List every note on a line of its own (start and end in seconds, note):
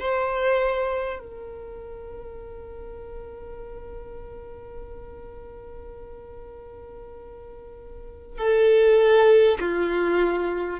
0.00 1.20 C5
1.20 8.39 A#4
8.39 9.59 A4
9.61 10.80 F4